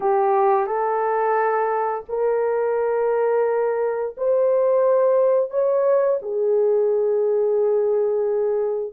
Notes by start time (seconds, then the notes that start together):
0.00 G4
0.66 A4
2.08 A#4
4.17 C5
5.50 C#5
6.21 G#4